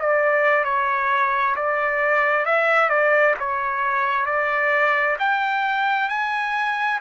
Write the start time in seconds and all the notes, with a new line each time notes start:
0.00 D5
0.65 C#5
1.56 D5
2.46 E5
2.90 D5
3.40 C#5
4.26 D5
5.19 G5
6.10 G#5